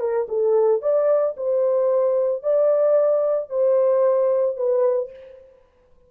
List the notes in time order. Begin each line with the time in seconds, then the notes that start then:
0.00 A#4
0.29 A4
0.82 D5
1.37 C5
2.43 D5
3.50 C5
4.57 B4